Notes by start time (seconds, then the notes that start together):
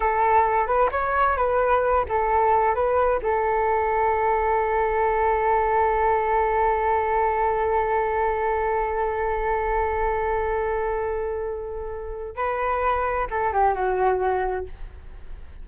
0.00 A4
0.66 B4
0.91 C#5
1.37 B4
2.08 A4
2.74 B4
3.22 A4
12.35 B4
13.30 A4
13.52 G4
13.74 F#4